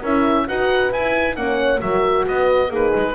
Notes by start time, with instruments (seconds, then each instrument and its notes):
0.00 double bass C#4, horn E4 A#4, oboe E5
0.48 double bass D#4, horn F#4 B4, oboe F#5
0.93 horn E4, double bass E4, oboe G#5
1.36 double bass A#3, horn C#4 C#5, oboe F#5
1.81 double bass F#3, horn F#4 A#4, oboe E5
2.27 double bass B3, horn B4, oboe D#5
2.69 double bass A#3, horn D#4 G#4, oboe B4
2.96 double bass G#3